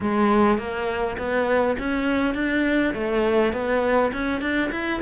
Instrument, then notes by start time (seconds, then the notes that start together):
cello
0.01 G#3
0.57 A#3
1.18 B3
1.78 C#4
2.34 D4
2.94 A3
3.53 B3
4.13 C#4
4.41 D4
4.71 E4